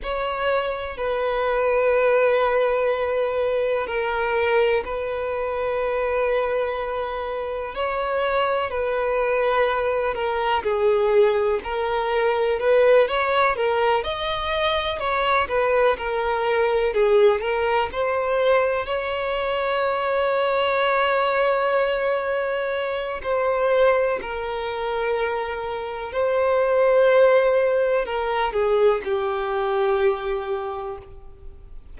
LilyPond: \new Staff \with { instrumentName = "violin" } { \time 4/4 \tempo 4 = 62 cis''4 b'2. | ais'4 b'2. | cis''4 b'4. ais'8 gis'4 | ais'4 b'8 cis''8 ais'8 dis''4 cis''8 |
b'8 ais'4 gis'8 ais'8 c''4 cis''8~ | cis''1 | c''4 ais'2 c''4~ | c''4 ais'8 gis'8 g'2 | }